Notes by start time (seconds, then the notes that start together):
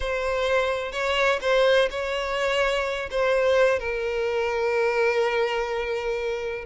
0.00 C5
0.92 C#5
1.41 C5
1.90 C#5
3.10 C5
3.79 A#4